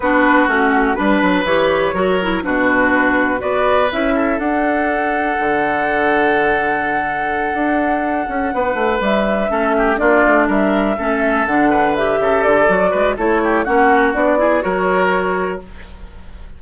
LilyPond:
<<
  \new Staff \with { instrumentName = "flute" } { \time 4/4 \tempo 4 = 123 b'4 fis'4 b'4 cis''4~ | cis''4 b'2 d''4 | e''4 fis''2.~ | fis''1~ |
fis''2~ fis''8 e''4.~ | e''8 d''4 e''2 fis''8~ | fis''8 e''4 d''4. cis''4 | fis''4 d''4 cis''2 | }
  \new Staff \with { instrumentName = "oboe" } { \time 4/4 fis'2 b'2 | ais'4 fis'2 b'4~ | b'8 a'2.~ a'8~ | a'1~ |
a'4. b'2 a'8 | g'8 f'4 ais'4 a'4. | b'4 a'4. b'8 a'8 g'8 | fis'4. gis'8 ais'2 | }
  \new Staff \with { instrumentName = "clarinet" } { \time 4/4 d'4 cis'4 d'4 g'4 | fis'8 e'8 d'2 fis'4 | e'4 d'2.~ | d'1~ |
d'2.~ d'8 cis'8~ | cis'8 d'2 cis'4 d'8~ | d'8 g'4. fis'4 e'4 | cis'4 d'8 e'8 fis'2 | }
  \new Staff \with { instrumentName = "bassoon" } { \time 4/4 b4 a4 g8 fis8 e4 | fis4 b,2 b4 | cis'4 d'2 d4~ | d2.~ d8 d'8~ |
d'4 cis'8 b8 a8 g4 a8~ | a8 ais8 a8 g4 a4 d8~ | d4 cis8 d8 fis8 gis8 a4 | ais4 b4 fis2 | }
>>